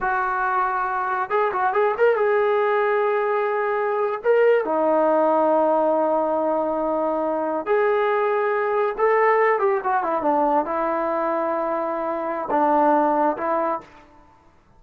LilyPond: \new Staff \with { instrumentName = "trombone" } { \time 4/4 \tempo 4 = 139 fis'2. gis'8 fis'8 | gis'8 ais'8 gis'2.~ | gis'4.~ gis'16 ais'4 dis'4~ dis'16~ | dis'1~ |
dis'4.~ dis'16 gis'2~ gis'16~ | gis'8. a'4. g'8 fis'8 e'8 d'16~ | d'8. e'2.~ e'16~ | e'4 d'2 e'4 | }